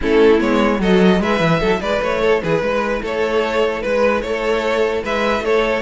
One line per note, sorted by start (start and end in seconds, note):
0.01 0.40 A3
0.01 0.38 C#4
0.01 0.80 E4
0.01 0.40 A4
0.38 0.79 G#3
0.38 0.78 B3
0.38 0.80 C#5
0.79 1.19 F#3
0.79 1.21 F#4
0.79 1.20 A4
0.79 1.22 D#5
1.19 1.40 G#3
1.19 5.81 E4
1.19 1.60 B4
1.19 1.81 E5
1.40 1.60 E3
1.60 1.80 F#3
1.60 1.80 A4
1.80 2.00 G#3
1.80 2.21 B4
1.80 2.01 D5
2.02 2.42 A3
2.02 2.42 C#5
2.21 2.41 A4
2.42 2.61 E3
2.42 2.63 G#4
2.42 3.02 B4
2.61 3.01 G#3
2.61 3.02 B4
3.02 3.83 A3
3.02 3.83 A4
3.02 3.82 C#5
3.82 4.22 G#3
3.82 4.21 B4
3.82 4.23 B4
4.21 5.03 A3
4.21 5.03 A4
4.21 5.02 C#5
5.03 5.40 G#3
5.03 5.43 B4
5.03 5.44 E5
5.40 5.80 A3
5.40 5.81 A4
5.40 5.81 C#5